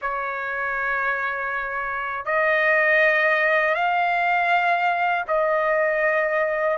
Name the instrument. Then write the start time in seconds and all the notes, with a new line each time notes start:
trumpet
0.01 C#5
2.25 D#5
3.75 F5
5.27 D#5